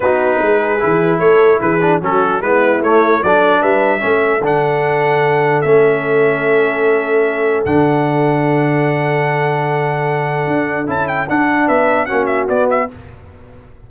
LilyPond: <<
  \new Staff \with { instrumentName = "trumpet" } { \time 4/4 \tempo 4 = 149 b'2. cis''4 | b'4 a'4 b'4 cis''4 | d''4 e''2 fis''4~ | fis''2 e''2~ |
e''2. fis''4~ | fis''1~ | fis''2. a''8 g''8 | fis''4 e''4 fis''8 e''8 d''8 e''8 | }
  \new Staff \with { instrumentName = "horn" } { \time 4/4 fis'4 gis'2 a'4 | gis'4 fis'4 e'2 | a'4 b'4 a'2~ | a'1~ |
a'1~ | a'1~ | a'1~ | a'4 b'4 fis'2 | }
  \new Staff \with { instrumentName = "trombone" } { \time 4/4 dis'2 e'2~ | e'8 d'8 cis'4 b4 a4 | d'2 cis'4 d'4~ | d'2 cis'2~ |
cis'2. d'4~ | d'1~ | d'2. e'4 | d'2 cis'4 b4 | }
  \new Staff \with { instrumentName = "tuba" } { \time 4/4 b4 gis4 e4 a4 | e4 fis4 gis4 a4 | fis4 g4 a4 d4~ | d2 a2~ |
a2. d4~ | d1~ | d2 d'4 cis'4 | d'4 b4 ais4 b4 | }
>>